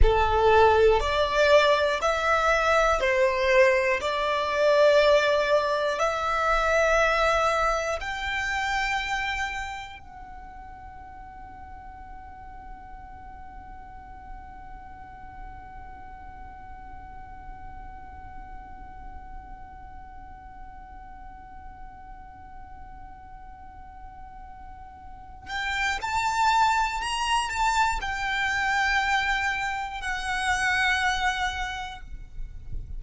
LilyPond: \new Staff \with { instrumentName = "violin" } { \time 4/4 \tempo 4 = 60 a'4 d''4 e''4 c''4 | d''2 e''2 | g''2 fis''2~ | fis''1~ |
fis''1~ | fis''1~ | fis''4. g''8 a''4 ais''8 a''8 | g''2 fis''2 | }